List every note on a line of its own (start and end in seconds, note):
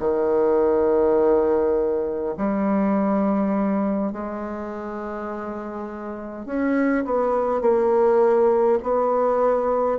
0.00 2.35 D#3
2.37 4.13 G3
4.13 6.46 G#3
6.46 7.05 C#4
7.05 7.61 B3
7.61 8.79 A#3
8.83 9.99 B3